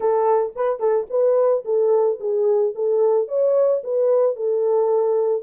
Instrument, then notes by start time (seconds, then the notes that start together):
horn
0.00 A4
0.55 B4
0.79 A4
1.09 B4
1.64 A4
2.20 G#4
2.75 A4
3.28 C#5
3.83 B4
4.36 A4